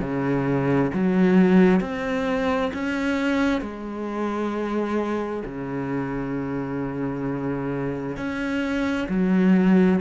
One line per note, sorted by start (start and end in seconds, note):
0.00 0.91 C#3
0.93 1.80 F#3
1.80 2.71 C4
2.74 3.61 C#4
3.61 5.43 G#3
5.45 8.17 C#3
8.17 9.07 C#4
9.09 10.00 F#3